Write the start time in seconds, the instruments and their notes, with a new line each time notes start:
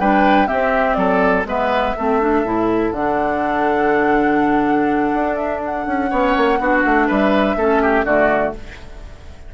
0.00 bassoon G3, clarinet D4, oboe B4, flute G5
0.47 clarinet C4, bassoon C4, oboe G4, flute E5
0.94 bassoon F#3, oboe A4, flute D5
1.45 bassoon G#3, clarinet B3, oboe B4, flute E5
1.97 bassoon A3, clarinet C4, oboe A4
2.21 clarinet D4
2.44 bassoon A2, clarinet E4
2.92 bassoon D3, clarinet D4, flute F#5
5.14 bassoon D4
5.36 flute E5
5.66 flute F#5
5.87 bassoon C#4
6.10 bassoon B3, clarinet C#4, oboe C#5
6.38 bassoon A#3
6.60 bassoon B3, clarinet D4, oboe F#4
6.85 bassoon A3
7.08 bassoon G3, oboe B4, flute E5
7.56 bassoon A3, clarinet C#4, oboe A4
7.83 oboe G4
8.05 bassoon D3, clarinet A3, oboe F#4, flute D5